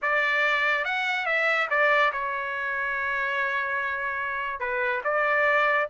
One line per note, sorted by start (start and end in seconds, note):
0.02 0.84 D5
0.84 1.26 F#5
1.26 1.68 E5
1.70 2.12 D5
2.12 4.59 C#5
4.59 5.01 B4
5.03 5.87 D5